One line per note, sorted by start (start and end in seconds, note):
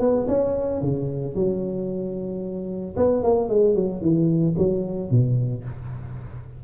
0.00 0.27 B3
0.28 0.82 C#4
0.82 1.35 C#3
1.35 2.96 F#3
2.97 3.23 B3
3.23 3.49 A#3
3.49 3.75 G#3
3.75 4.02 F#3
4.02 4.55 E3
4.58 5.11 F#3
5.11 5.64 B2